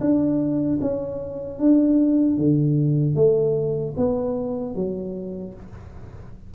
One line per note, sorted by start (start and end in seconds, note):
0.00 0.79 D4
0.81 1.59 C#4
1.59 2.37 D4
2.37 3.15 D3
3.15 3.94 A3
3.96 4.75 B3
4.75 5.54 F#3